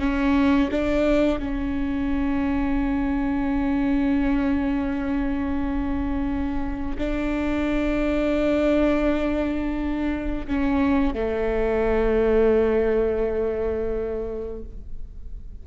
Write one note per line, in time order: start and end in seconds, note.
0.00 0.70 C#4
0.71 1.39 D4
1.39 6.97 C#4
6.98 10.47 D4
10.47 11.14 C#4
11.14 14.63 A3